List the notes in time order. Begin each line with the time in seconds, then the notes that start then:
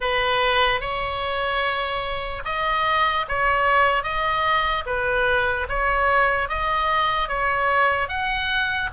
0.00 B4
0.80 C#5
2.45 D#5
3.28 C#5
4.03 D#5
4.86 B4
5.68 C#5
6.49 D#5
7.28 C#5
8.08 F#5